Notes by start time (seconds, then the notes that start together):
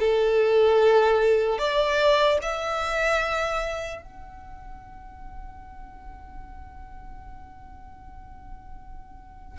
0.00 A4
1.59 D5
2.43 E5
4.03 F#5